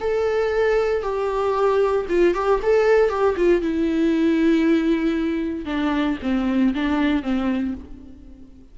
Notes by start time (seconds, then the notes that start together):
0.00 A4
1.03 G4
2.09 F4
2.34 G4
2.63 A4
3.09 G4
3.36 F4
3.61 E4
5.65 D4
6.22 C4
6.74 D4
7.22 C4